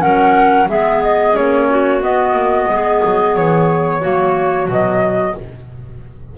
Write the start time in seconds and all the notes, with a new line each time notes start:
0.00 F#3 C#4 A#4 F#5
0.69 G#3 B3 G#4 E5
1.03 D#5
1.34 A#3 C#4 C#5
1.70 F#4
2.02 B3 D#5
2.33 A#3
2.68 G#3 G#4
3.05 F#3
3.36 E3 C#5
4.01 F#3 A#3 F#4
4.68 B2 F#3 D#5